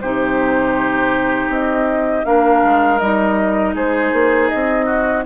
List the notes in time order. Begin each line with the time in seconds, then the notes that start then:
0.00 C3 D#4 G4 C5
1.48 C4 D#5
2.24 A#3 D4 A#4 F5
2.64 G#3
2.99 G3 D#4 D#5
3.74 G#3 G#4 C5
4.12 A#3
4.48 C4 D#5
4.85 F#4